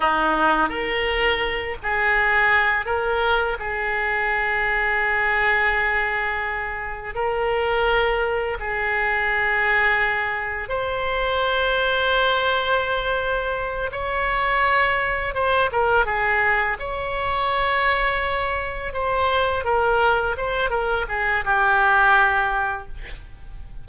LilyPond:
\new Staff \with { instrumentName = "oboe" } { \time 4/4 \tempo 4 = 84 dis'4 ais'4. gis'4. | ais'4 gis'2.~ | gis'2 ais'2 | gis'2. c''4~ |
c''2.~ c''8 cis''8~ | cis''4. c''8 ais'8 gis'4 cis''8~ | cis''2~ cis''8 c''4 ais'8~ | ais'8 c''8 ais'8 gis'8 g'2 | }